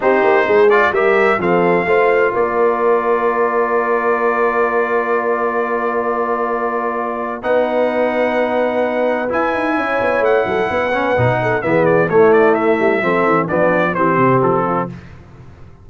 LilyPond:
<<
  \new Staff \with { instrumentName = "trumpet" } { \time 4/4 \tempo 4 = 129 c''4. d''8 e''4 f''4~ | f''4 d''2.~ | d''1~ | d''1 |
fis''1 | gis''2 fis''2~ | fis''4 e''8 d''8 cis''8 d''8 e''4~ | e''4 d''4 c''4 a'4 | }
  \new Staff \with { instrumentName = "horn" } { \time 4/4 g'4 gis'4 ais'4 a'4 | c''4 ais'2.~ | ais'1~ | ais'1 |
b'1~ | b'4 cis''4. a'8 b'4~ | b'8 a'8 gis'4 e'2 | a'4 d'4 g'4. f'8 | }
  \new Staff \with { instrumentName = "trombone" } { \time 4/4 dis'4. f'8 g'4 c'4 | f'1~ | f'1~ | f'1 |
dis'1 | e'2.~ e'8 cis'8 | dis'4 b4 a2 | c'4 b4 c'2 | }
  \new Staff \with { instrumentName = "tuba" } { \time 4/4 c'8 ais8 gis4 g4 f4 | a4 ais2.~ | ais1~ | ais1 |
b1 | e'8 dis'8 cis'8 b8 a8 fis8 b4 | b,4 e4 a4. g8 | f8 e8 f4 e8 c8 f4 | }
>>